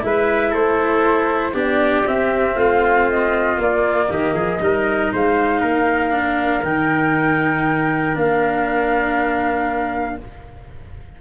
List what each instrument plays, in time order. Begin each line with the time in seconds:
0.00 tuba G#3, cello E4, trumpet B4, flute E5
0.50 tuba A3, trumpet A4, flute C5
1.53 tuba B3, cello D4, trumpet G4, flute D5
2.06 cello C4, tuba C4, flute E5
2.55 tuba A3, trumpet F4, flute F5
3.09 flute D#5
3.57 cello A#3, tuba A#3, flute D5
4.08 tuba D#3, trumpet G4, flute D#5
4.34 tuba F3, trumpet G#4
4.60 tuba G3, cello D#4, trumpet A#4
5.12 tuba G#3, trumpet C5, flute F5
5.60 tuba A#3, trumpet A#4
6.10 cello D4
6.63 tuba D#3, cello D#4, flute G5
8.13 tuba A#3, cello D4, flute F5